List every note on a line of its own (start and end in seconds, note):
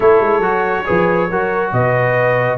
0.00 0.20 A3
0.00 0.41 E4
0.00 0.86 A4
0.00 1.71 C#5
0.20 0.39 G#3
0.39 0.82 F#3
0.39 0.85 F#4
0.85 1.31 F3
0.85 1.28 G#4
0.85 1.29 B4
1.30 1.72 F#3
1.30 2.58 F#4
1.30 1.73 A#4
1.72 2.58 B2
1.72 2.58 B4
1.72 2.58 D#5